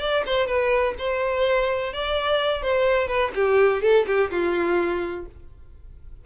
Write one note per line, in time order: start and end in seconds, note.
0.00 0.24 D5
0.26 0.47 C5
0.47 0.95 B4
0.99 1.94 C5
1.94 2.63 D5
2.63 3.08 C5
3.08 3.32 B4
3.35 3.82 G4
3.82 4.06 A4
4.07 4.31 G4
4.31 5.27 F4